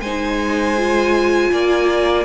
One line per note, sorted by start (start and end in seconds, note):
0.00 1.50 G#3
0.00 0.77 D#4
0.00 1.51 C5
0.00 2.24 G#5
0.77 2.24 F4
1.51 2.24 A#3
1.51 2.24 D5